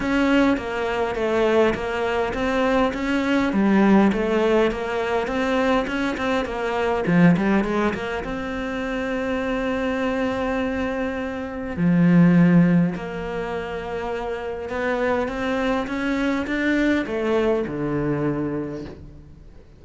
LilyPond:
\new Staff \with { instrumentName = "cello" } { \time 4/4 \tempo 4 = 102 cis'4 ais4 a4 ais4 | c'4 cis'4 g4 a4 | ais4 c'4 cis'8 c'8 ais4 | f8 g8 gis8 ais8 c'2~ |
c'1 | f2 ais2~ | ais4 b4 c'4 cis'4 | d'4 a4 d2 | }